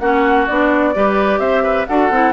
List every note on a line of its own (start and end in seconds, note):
0.00 0.47 A#3
0.00 0.48 C#4
0.00 0.95 F#4
0.00 0.47 F#5
0.47 0.96 B3
0.47 0.95 D4
0.47 1.39 D5
0.95 1.39 G3
0.95 1.88 G4
0.95 1.40 B4
1.39 1.86 C4
1.39 1.63 C5
1.39 1.86 E5
1.64 1.87 B4
1.87 2.11 D4
1.87 2.12 F#4
1.87 2.33 A4
1.87 2.33 F#5
2.11 2.33 C4
2.11 2.33 E4